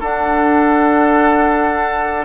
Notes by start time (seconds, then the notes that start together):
0.00 D4 A4 F#5